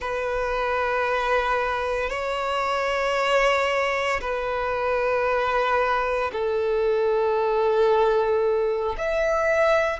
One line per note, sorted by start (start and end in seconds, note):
0.00 2.10 B4
2.10 4.20 C#5
4.21 6.31 B4
6.32 8.95 A4
8.97 10.00 E5